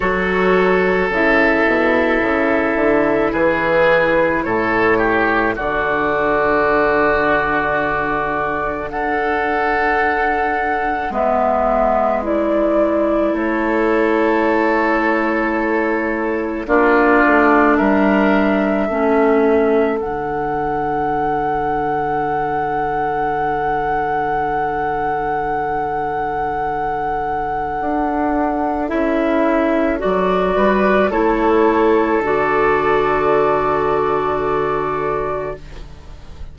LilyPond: <<
  \new Staff \with { instrumentName = "flute" } { \time 4/4 \tempo 4 = 54 cis''4 e''2 b'4 | cis''4 d''2. | fis''2 e''4 d''4 | cis''2. d''4 |
e''2 fis''2~ | fis''1~ | fis''2 e''4 d''4 | cis''4 d''2. | }
  \new Staff \with { instrumentName = "oboe" } { \time 4/4 a'2. gis'4 | a'8 g'8 fis'2. | a'2 b'2 | a'2. f'4 |
ais'4 a'2.~ | a'1~ | a'2.~ a'8 b'8 | a'1 | }
  \new Staff \with { instrumentName = "clarinet" } { \time 4/4 fis'4 e'2.~ | e'4 d'2.~ | d'2 b4 e'4~ | e'2. d'4~ |
d'4 cis'4 d'2~ | d'1~ | d'2 e'4 fis'4 | e'4 fis'2. | }
  \new Staff \with { instrumentName = "bassoon" } { \time 4/4 fis4 cis8 b,8 cis8 d8 e4 | a,4 d2. | d'2 gis2 | a2. ais8 a8 |
g4 a4 d2~ | d1~ | d4 d'4 cis'4 fis8 g8 | a4 d2. | }
>>